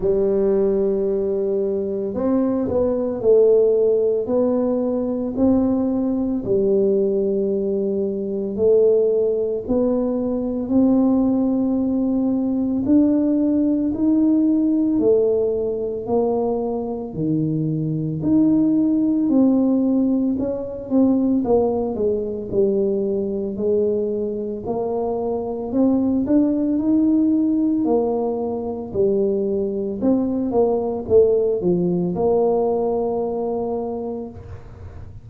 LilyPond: \new Staff \with { instrumentName = "tuba" } { \time 4/4 \tempo 4 = 56 g2 c'8 b8 a4 | b4 c'4 g2 | a4 b4 c'2 | d'4 dis'4 a4 ais4 |
dis4 dis'4 c'4 cis'8 c'8 | ais8 gis8 g4 gis4 ais4 | c'8 d'8 dis'4 ais4 g4 | c'8 ais8 a8 f8 ais2 | }